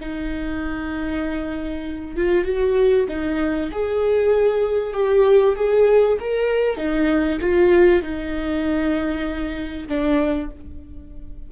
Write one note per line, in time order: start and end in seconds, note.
0.00 2.16 D#4
2.16 2.45 F4
2.45 3.06 F#4
3.08 3.70 D#4
3.71 4.93 G#4
4.93 5.55 G4
5.56 6.17 G#4
6.19 6.76 A#4
6.76 7.38 D#4
7.41 8.02 F4
8.02 9.87 D#4
9.88 10.50 D4